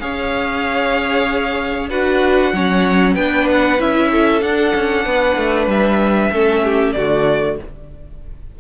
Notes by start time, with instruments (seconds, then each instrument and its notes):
0.00 cello C#4, viola G#4, violin C#5 F5
1.90 cello D4, viola F#4, violin B4 F#5
2.53 cello F#3, viola C#4, violin C#5
3.14 cello B3, viola D4, violin B4 G5
3.50 violin F#5
3.79 cello C#4, viola E4, violin E5
4.12 violin A4
4.42 cello D4, viola D4, violin F#5
4.75 cello C#4
5.05 cello B3, violin B4
5.37 cello A3
5.67 cello G3, violin E5
6.32 cello A3, viola C#4, violin A4
6.64 violin G4
6.93 cello D3, viola A3, violin F#4 D5